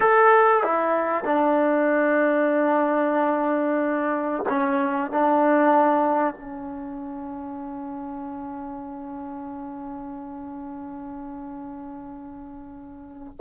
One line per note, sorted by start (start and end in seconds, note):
0.00 0.63 A4
0.63 1.24 E4
1.24 4.43 D4
4.49 5.11 C#4
5.11 6.34 D4
6.34 13.36 C#4